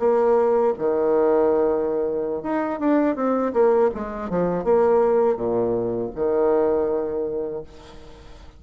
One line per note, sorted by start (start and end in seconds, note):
0.00 0.74 A#3
0.79 2.43 D#3
2.43 2.80 D#4
2.80 3.16 D4
3.16 3.53 C4
3.54 3.91 A#3
3.95 4.30 G#3
4.30 4.65 F3
4.65 5.37 A#3
5.37 6.11 A#2
6.16 7.64 D#3